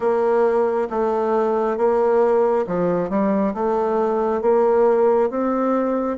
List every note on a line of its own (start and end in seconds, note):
0.00 0.88 A#3
0.89 1.77 A3
1.77 2.65 A#3
2.66 3.09 F3
3.09 3.53 G3
3.54 4.41 A3
4.41 5.29 A#3
5.29 6.17 C4